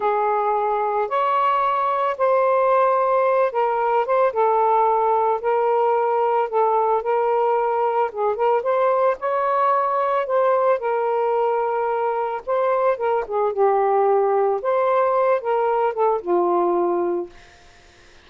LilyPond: \new Staff \with { instrumentName = "saxophone" } { \time 4/4 \tempo 4 = 111 gis'2 cis''2 | c''2~ c''8 ais'4 c''8 | a'2 ais'2 | a'4 ais'2 gis'8 ais'8 |
c''4 cis''2 c''4 | ais'2. c''4 | ais'8 gis'8 g'2 c''4~ | c''8 ais'4 a'8 f'2 | }